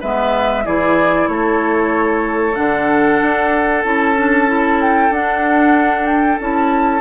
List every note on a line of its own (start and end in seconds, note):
0.00 0.66 G#3
0.00 0.64 B3
0.00 0.64 B4
0.00 0.66 E5
0.64 1.28 E3
0.64 2.54 E4
0.64 1.29 G#4
0.64 1.28 D5
1.28 2.56 A3
1.28 7.01 A4
1.28 2.55 C#5
2.54 3.22 D3
2.54 3.82 D4
2.54 3.83 F#5
3.22 3.84 D4
3.84 5.10 C#4
3.84 4.16 E4
3.84 4.80 A5
4.16 4.47 D4
4.47 5.11 E4
4.81 5.13 G5
5.10 6.38 D4
5.10 6.40 D4
5.10 6.06 F#5
6.06 6.38 G5
6.40 7.01 C#4
6.40 7.01 E4
6.40 7.01 A5